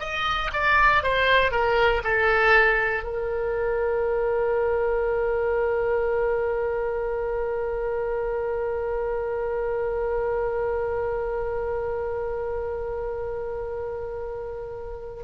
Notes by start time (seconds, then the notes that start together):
0.00 D#5
0.53 D5
1.03 C5
1.52 A#4
2.04 A4
3.04 A#4